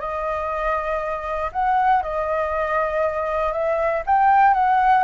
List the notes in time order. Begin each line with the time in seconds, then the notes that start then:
0.00 D#5
1.52 F#5
2.03 D#5
3.53 E5
4.06 G5
4.54 F#5